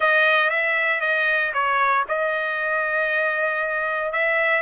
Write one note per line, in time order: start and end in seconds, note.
0.00 0.50 D#5
0.50 1.00 E5
1.00 1.52 D#5
1.53 2.05 C#5
2.08 4.12 D#5
4.12 4.62 E5